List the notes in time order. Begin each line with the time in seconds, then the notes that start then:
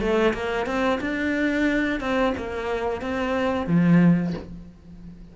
0.00 A3
0.34 A#3
0.66 C4
1.00 D4
2.00 C4
2.37 A#3
3.01 C4
3.66 F3